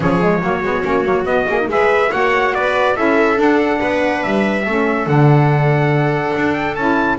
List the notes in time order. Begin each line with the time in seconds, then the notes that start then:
0.00 F3 C#4 G#4 C#5
0.21 G#3
0.42 F#3 A#3 F#4
0.62 G#3 B3
0.83 A#3 C#4
1.04 F#3 A#3
1.25 B3 D#5
1.48 A#3 G#4
1.60 D#4
1.68 G#3 G#4 B4 E5
2.11 A#3 F#4 C#5 F#5
2.54 B3 B4 D5
2.95 C#4 E4 A4 E5
3.36 D4 F#5
3.79 B3 B4
4.23 G3 E5
4.65 A3 C#4 A4
5.06 D3 D4 F#5
6.35 D4
6.53 G5
6.75 C#4 E4 A5